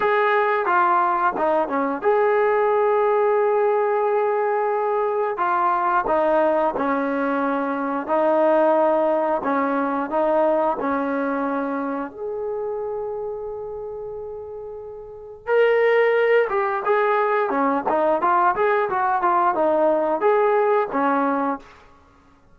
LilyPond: \new Staff \with { instrumentName = "trombone" } { \time 4/4 \tempo 4 = 89 gis'4 f'4 dis'8 cis'8 gis'4~ | gis'1 | f'4 dis'4 cis'2 | dis'2 cis'4 dis'4 |
cis'2 gis'2~ | gis'2. ais'4~ | ais'8 g'8 gis'4 cis'8 dis'8 f'8 gis'8 | fis'8 f'8 dis'4 gis'4 cis'4 | }